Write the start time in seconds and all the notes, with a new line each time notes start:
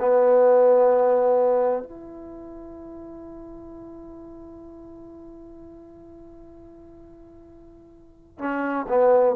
0.00 B3
1.83 E4
8.39 C#4
8.89 B3